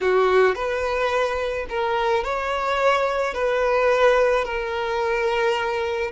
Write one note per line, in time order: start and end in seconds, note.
0.01 0.55 F#4
0.55 1.66 B4
1.69 2.24 A#4
2.24 3.34 C#5
3.34 4.44 B4
4.44 6.11 A#4